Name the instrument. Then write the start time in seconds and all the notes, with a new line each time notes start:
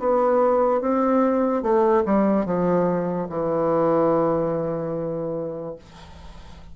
bassoon
0.00 B3
0.81 C4
1.63 A3
2.05 G3
2.46 F3
3.30 E3